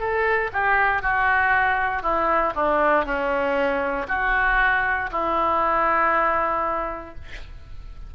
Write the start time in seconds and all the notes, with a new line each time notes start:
0.00 A4
0.53 G4
1.02 F#4
2.02 E4
2.55 D4
3.06 C#4
4.08 F#4
5.12 E4